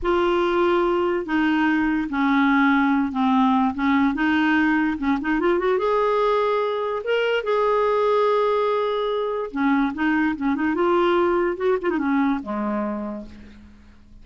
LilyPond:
\new Staff \with { instrumentName = "clarinet" } { \time 4/4 \tempo 4 = 145 f'2. dis'4~ | dis'4 cis'2~ cis'8 c'8~ | c'4 cis'4 dis'2 | cis'8 dis'8 f'8 fis'8 gis'2~ |
gis'4 ais'4 gis'2~ | gis'2. cis'4 | dis'4 cis'8 dis'8 f'2 | fis'8 f'16 dis'16 cis'4 gis2 | }